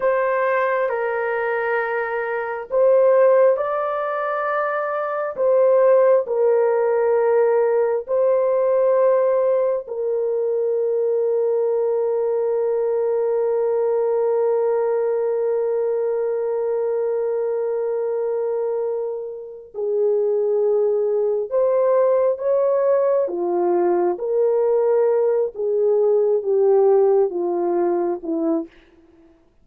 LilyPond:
\new Staff \with { instrumentName = "horn" } { \time 4/4 \tempo 4 = 67 c''4 ais'2 c''4 | d''2 c''4 ais'4~ | ais'4 c''2 ais'4~ | ais'1~ |
ais'1~ | ais'2 gis'2 | c''4 cis''4 f'4 ais'4~ | ais'8 gis'4 g'4 f'4 e'8 | }